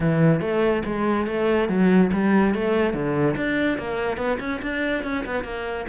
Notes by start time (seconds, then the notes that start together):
0.00 E3
0.41 A3
0.85 G#3
1.27 A3
1.69 F#3
2.12 G3
2.54 A3
2.93 D3
3.36 D4
3.78 A#3
4.17 B3
4.39 C#4
4.62 D4
5.03 C#4
5.25 B3
5.44 A#3